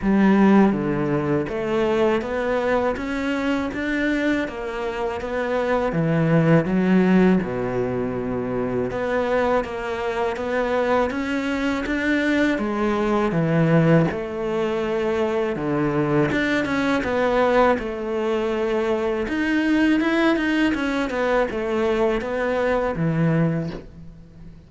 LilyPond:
\new Staff \with { instrumentName = "cello" } { \time 4/4 \tempo 4 = 81 g4 d4 a4 b4 | cis'4 d'4 ais4 b4 | e4 fis4 b,2 | b4 ais4 b4 cis'4 |
d'4 gis4 e4 a4~ | a4 d4 d'8 cis'8 b4 | a2 dis'4 e'8 dis'8 | cis'8 b8 a4 b4 e4 | }